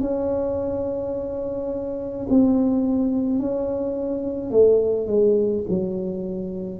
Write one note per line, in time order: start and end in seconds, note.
0.00 2.26 C#4
2.29 3.39 C4
3.39 4.50 C#4
4.50 5.07 A3
5.07 5.63 G#3
5.69 6.79 F#3